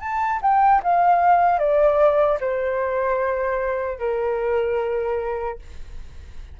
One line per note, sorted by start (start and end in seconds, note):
0.00 0.40 A5
0.42 0.82 G5
0.83 1.59 F5
1.59 2.39 D5
2.40 3.99 C5
3.99 5.59 A#4